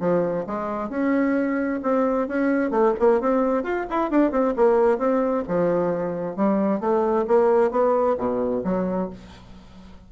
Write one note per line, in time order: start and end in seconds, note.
0.00 0.45 F3
0.47 0.90 G#3
0.90 1.81 C#4
1.83 2.28 C4
2.28 2.71 C#4
2.71 2.93 A3
3.00 3.21 A#3
3.21 3.63 C4
3.63 3.86 F4
3.90 4.11 E4
4.11 4.32 D4
4.32 4.54 C4
4.56 4.99 A#3
4.99 5.44 C4
5.48 6.36 F3
6.36 6.80 G3
6.80 7.26 A3
7.28 7.71 A#3
7.71 8.17 B3
8.18 8.63 B2
8.64 9.10 F#3